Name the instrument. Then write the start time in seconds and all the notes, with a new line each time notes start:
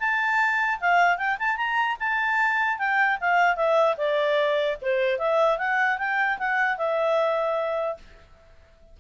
clarinet
0.00 A5
0.81 F5
1.18 G5
1.39 A5
1.57 A#5
2.00 A5
2.79 G5
3.21 F5
3.57 E5
3.98 D5
4.82 C5
5.19 E5
5.59 F#5
5.98 G5
6.39 F#5
6.78 E5